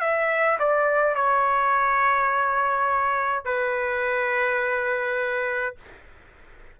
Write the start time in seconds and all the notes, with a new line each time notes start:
0.00 E5
0.59 D5
1.15 C#5
3.45 B4